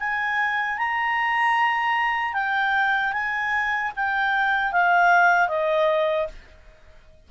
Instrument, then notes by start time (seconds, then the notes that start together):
clarinet
0.00 G#5
0.78 A#5
2.34 G5
3.13 G#5
3.96 G5
4.72 F5
5.48 D#5